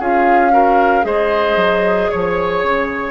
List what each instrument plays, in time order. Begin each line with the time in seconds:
0.00 bassoon C#4, clarinet F4, oboe G#4, flute F5
0.51 clarinet F#4, oboe A#4
1.02 bassoon G#3, clarinet G#4, oboe C5, flute D#5
1.56 bassoon F#3
2.10 bassoon F3, flute C#5, oboe C#5
2.63 bassoon C#3